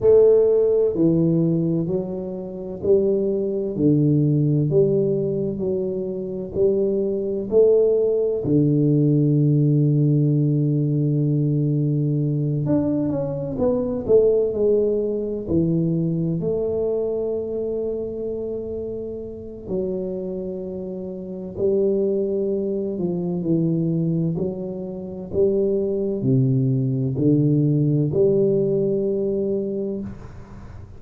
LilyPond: \new Staff \with { instrumentName = "tuba" } { \time 4/4 \tempo 4 = 64 a4 e4 fis4 g4 | d4 g4 fis4 g4 | a4 d2.~ | d4. d'8 cis'8 b8 a8 gis8~ |
gis8 e4 a2~ a8~ | a4 fis2 g4~ | g8 f8 e4 fis4 g4 | c4 d4 g2 | }